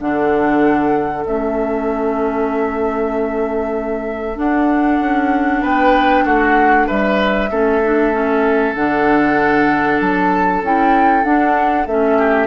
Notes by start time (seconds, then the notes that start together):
0.00 D3 D4 A4 F#5
1.26 A3 C#4 E5
4.36 D4 F#5
5.00 C#4
5.62 B3 B4 G5
6.25 A3 F#4 F#5
6.87 G3 B4 E5
7.51 A3 C#4 A4
7.83 D4
8.12 C#4
8.75 D3 D4 F#5
10.01 F#3 A5
10.62 C#4 E4 G5
11.23 D4 F#5
11.87 A3 C#4 E5
12.18 G4